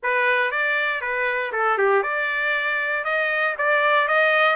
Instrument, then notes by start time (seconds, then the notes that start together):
trumpet
0.02 B4
0.51 D5
1.01 B4
1.52 A4
1.78 G4
2.02 D5
3.04 D#5
3.58 D5
4.07 D#5